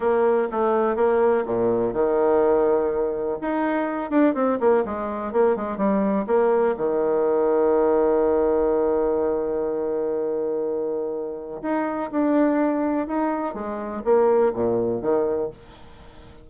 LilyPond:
\new Staff \with { instrumentName = "bassoon" } { \time 4/4 \tempo 4 = 124 ais4 a4 ais4 ais,4 | dis2. dis'4~ | dis'8 d'8 c'8 ais8 gis4 ais8 gis8 | g4 ais4 dis2~ |
dis1~ | dis1 | dis'4 d'2 dis'4 | gis4 ais4 ais,4 dis4 | }